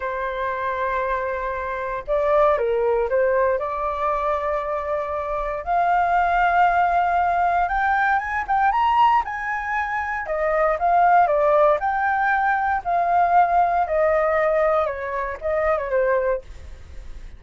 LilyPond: \new Staff \with { instrumentName = "flute" } { \time 4/4 \tempo 4 = 117 c''1 | d''4 ais'4 c''4 d''4~ | d''2. f''4~ | f''2. g''4 |
gis''8 g''8 ais''4 gis''2 | dis''4 f''4 d''4 g''4~ | g''4 f''2 dis''4~ | dis''4 cis''4 dis''8. cis''16 c''4 | }